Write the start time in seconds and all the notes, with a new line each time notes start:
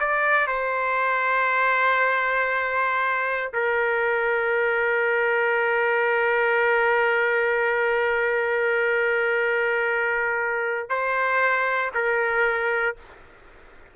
0.00 D5
0.47 C5
3.53 A#4
10.89 C5
11.94 A#4